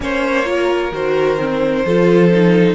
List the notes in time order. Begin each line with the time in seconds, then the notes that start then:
0.00 A#3 C#4 C5 C#5
0.44 F4 A#4
0.91 D#3 F#4 C5
1.38 C4
1.85 F3 F4 A4
2.31 D#4